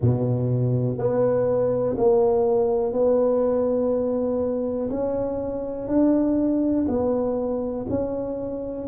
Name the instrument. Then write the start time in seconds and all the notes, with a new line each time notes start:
tuba
0.00 B2
0.97 B3
1.97 A#3
2.92 B3
4.90 C#4
5.87 D4
6.88 B3
7.89 C#4